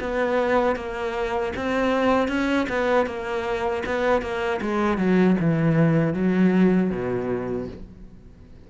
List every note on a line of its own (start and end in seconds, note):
0.00 0.76 B3
0.76 1.52 A#3
1.56 2.28 C4
2.28 2.66 C#4
2.69 3.06 B3
3.06 3.83 A#3
3.85 4.21 B3
4.21 4.60 A#3
4.61 4.97 G#3
4.97 5.36 F#3
5.40 6.13 E3
6.13 6.90 F#3
6.90 7.67 B2